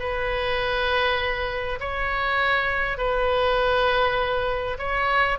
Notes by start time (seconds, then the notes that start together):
0.00 B4
1.81 C#5
2.98 B4
4.79 C#5